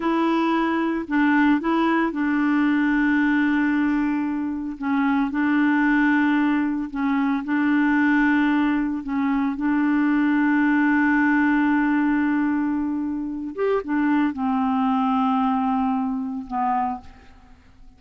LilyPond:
\new Staff \with { instrumentName = "clarinet" } { \time 4/4 \tempo 4 = 113 e'2 d'4 e'4 | d'1~ | d'4 cis'4 d'2~ | d'4 cis'4 d'2~ |
d'4 cis'4 d'2~ | d'1~ | d'4. g'8 d'4 c'4~ | c'2. b4 | }